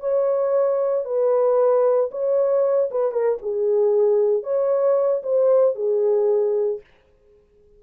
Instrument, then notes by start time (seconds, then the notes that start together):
horn
0.00 C#5
1.05 B4
2.11 C#5
2.91 B4
3.12 A#4
3.42 G#4
4.43 C#5
5.23 C5
5.75 G#4